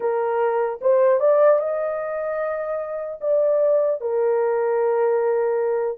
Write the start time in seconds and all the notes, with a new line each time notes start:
0.00 A#4
0.81 C5
1.20 D5
1.59 D#5
3.20 D5
4.00 A#4